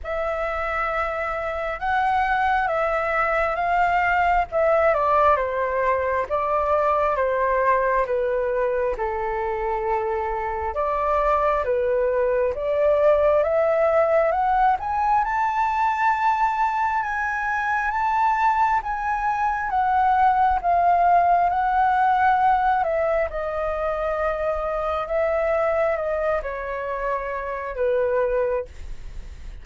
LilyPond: \new Staff \with { instrumentName = "flute" } { \time 4/4 \tempo 4 = 67 e''2 fis''4 e''4 | f''4 e''8 d''8 c''4 d''4 | c''4 b'4 a'2 | d''4 b'4 d''4 e''4 |
fis''8 gis''8 a''2 gis''4 | a''4 gis''4 fis''4 f''4 | fis''4. e''8 dis''2 | e''4 dis''8 cis''4. b'4 | }